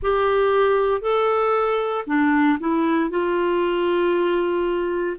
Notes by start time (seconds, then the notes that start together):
0.02 G4
1.01 A4
2.06 D4
2.59 E4
3.09 F4